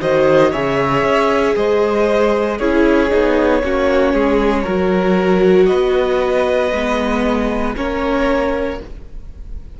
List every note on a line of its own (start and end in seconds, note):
0.00 0.53 D#3
0.00 0.52 F#4
0.00 0.51 C5
0.00 0.52 D#5
0.51 1.03 C#3
0.51 2.59 G#4
0.51 1.54 C#5
0.51 1.55 E5
1.03 1.54 C#4
1.55 2.59 G#3
1.55 2.57 C5
1.55 2.59 D#5
2.57 3.11 C#4
2.57 3.09 E4
2.57 3.61 G#4
2.57 5.66 C#5
3.09 3.63 B3
3.09 3.61 D#4
3.62 4.13 A#3
3.62 4.65 C#4
3.62 4.13 F#4
4.13 4.65 G#3
4.13 4.63 G#4
4.63 5.70 F#3
4.63 6.72 F#4
4.63 5.66 A#4
5.66 6.71 B3
5.66 7.75 B4
5.66 7.72 D#5
6.71 7.75 G#3
6.71 7.76 B3
7.76 8.80 A#3
7.76 8.79 C#4
7.76 8.79 A#4
7.76 8.80 C#5